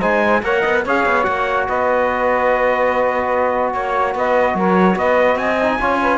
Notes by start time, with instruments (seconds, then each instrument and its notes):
0.00 cello G#3, trombone D#4, saxophone C5, trumpet G#5
0.42 cello A#3, trombone A#4, saxophone C#5, trumpet F#5
0.61 cello B3, saxophone D#5
0.84 cello C#4, trombone G#4, saxophone C#5, trumpet F5
1.06 cello B3
1.23 cello A#3, trombone F#4, trumpet F#5
1.68 cello B3, saxophone B4, trumpet D#5
3.73 cello A#3, saxophone C#5, trumpet C#5
4.15 cello B3, saxophone B4, trumpet D#5
4.55 cello F#3, saxophone A#4, trumpet C#5
4.96 cello B3, saxophone B4, trumpet D#5
5.36 cello C4, saxophone D#5, trumpet G#5
5.62 trombone D#4
5.79 cello C#4, trombone F4, saxophone C#5
6.02 saxophone B4